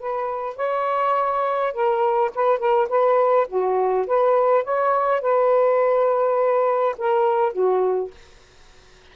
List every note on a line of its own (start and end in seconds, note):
0.00 0.57 B4
0.57 1.74 C#5
1.74 2.32 A#4
2.35 2.59 B4
2.59 2.88 A#4
2.90 3.48 B4
3.49 4.07 F#4
4.08 4.64 B4
4.64 5.22 C#5
5.22 6.96 B4
6.98 7.53 A#4
7.53 8.12 F#4